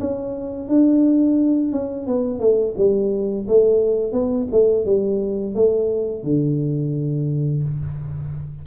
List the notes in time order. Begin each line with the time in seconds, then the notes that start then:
0.00 C#4
0.68 D4
1.72 C#4
2.07 B3
2.40 A3
2.77 G3
3.48 A3
4.13 B3
4.52 A3
4.86 G3
5.55 A3
6.24 D3